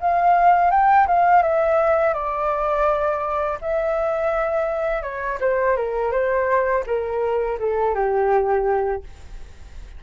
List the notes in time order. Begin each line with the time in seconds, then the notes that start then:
0.00 F5
0.70 G5
1.07 F5
1.42 E5
2.13 D5
3.61 E5
5.02 C#5
5.40 C5
5.76 A#4
6.11 C5
6.86 A#4
7.59 A4
7.95 G4